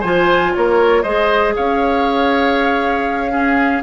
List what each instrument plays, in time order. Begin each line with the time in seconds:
0.00 bassoon F3, clarinet F4, oboe C5, flute G#5
0.54 bassoon A#3, oboe A#4, flute C#5
1.02 bassoon G#3, clarinet G#4, oboe C5, flute D#5
1.56 bassoon C#4, oboe C#5, flute F5
3.31 clarinet C#4, oboe G#4